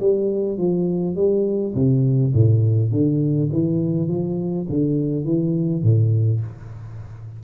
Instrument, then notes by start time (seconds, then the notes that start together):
tuba
0.00 G3
0.58 F3
1.16 G3
1.75 C3
2.33 A2
2.92 D3
3.52 E3
4.08 F3
4.69 D3
5.25 E3
5.83 A2